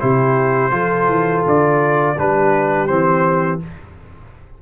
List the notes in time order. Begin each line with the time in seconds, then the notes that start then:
0.00 C3 E4 G4 C5
0.71 F3 F4 A4
1.08 E3
1.45 D3 D5
2.17 G3 D4 G4 B4
2.87 E3 C4 C5